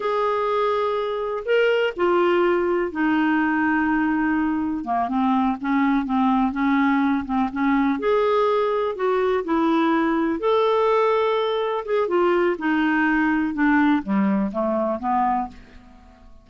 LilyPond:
\new Staff \with { instrumentName = "clarinet" } { \time 4/4 \tempo 4 = 124 gis'2. ais'4 | f'2 dis'2~ | dis'2 ais8 c'4 cis'8~ | cis'8 c'4 cis'4. c'8 cis'8~ |
cis'8 gis'2 fis'4 e'8~ | e'4. a'2~ a'8~ | a'8 gis'8 f'4 dis'2 | d'4 g4 a4 b4 | }